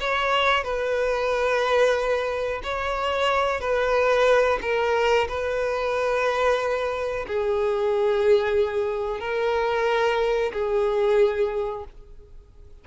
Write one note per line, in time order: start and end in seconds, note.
0.00 0.64 C#5
0.64 2.62 B4
2.63 3.61 C#5
3.61 4.59 B4
4.62 5.28 A#4
5.29 7.26 B4
7.28 9.20 G#4
9.20 10.52 A#4
10.53 11.85 G#4